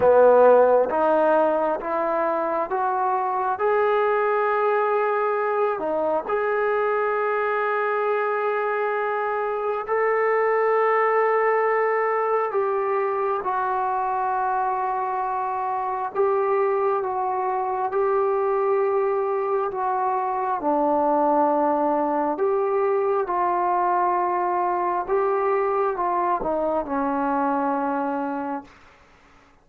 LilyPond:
\new Staff \with { instrumentName = "trombone" } { \time 4/4 \tempo 4 = 67 b4 dis'4 e'4 fis'4 | gis'2~ gis'8 dis'8 gis'4~ | gis'2. a'4~ | a'2 g'4 fis'4~ |
fis'2 g'4 fis'4 | g'2 fis'4 d'4~ | d'4 g'4 f'2 | g'4 f'8 dis'8 cis'2 | }